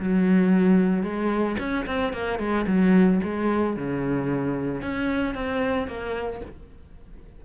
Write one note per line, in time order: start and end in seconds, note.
0.00 1.03 F#3
1.03 1.57 G#3
1.59 1.86 C#4
1.87 2.13 C4
2.13 2.39 A#3
2.39 2.66 G#3
2.67 3.21 F#3
3.24 3.77 G#3
3.77 4.82 C#3
4.82 5.35 C#4
5.35 5.88 C4
5.88 6.41 A#3